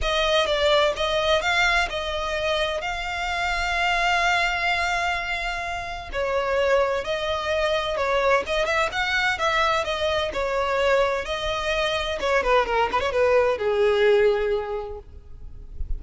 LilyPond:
\new Staff \with { instrumentName = "violin" } { \time 4/4 \tempo 4 = 128 dis''4 d''4 dis''4 f''4 | dis''2 f''2~ | f''1~ | f''4 cis''2 dis''4~ |
dis''4 cis''4 dis''8 e''8 fis''4 | e''4 dis''4 cis''2 | dis''2 cis''8 b'8 ais'8 b'16 cis''16 | b'4 gis'2. | }